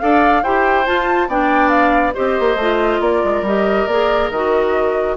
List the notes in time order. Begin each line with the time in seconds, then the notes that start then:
0.00 D4 A4 D5 F5
0.43 E4 G4 C5 G5
0.85 F4 A5
1.28 B3 D4 D5 G5
1.69 F5
2.14 C4 G4 C5 D#5
2.40 A#3
2.56 A3 F4
3.01 A#3 A#4 D5
3.24 G#3
3.42 G3 G4 D#5
3.87 A#3 G#4 D5
4.30 D#3 F#4 D#5